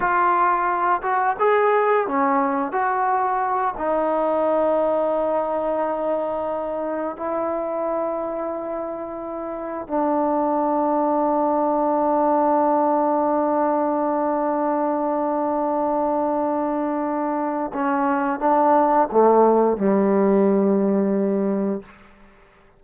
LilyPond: \new Staff \with { instrumentName = "trombone" } { \time 4/4 \tempo 4 = 88 f'4. fis'8 gis'4 cis'4 | fis'4. dis'2~ dis'8~ | dis'2~ dis'8 e'4.~ | e'2~ e'8 d'4.~ |
d'1~ | d'1~ | d'2 cis'4 d'4 | a4 g2. | }